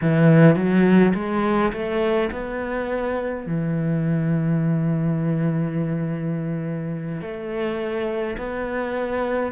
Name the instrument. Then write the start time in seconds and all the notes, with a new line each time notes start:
cello
0.01 E3
0.55 F#3
1.14 G#3
1.73 A3
2.31 B3
3.46 E3
7.21 A3
8.37 B3